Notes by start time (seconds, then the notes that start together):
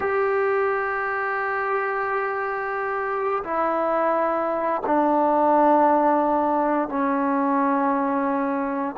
0.00 G4
3.44 E4
4.86 D4
6.88 C#4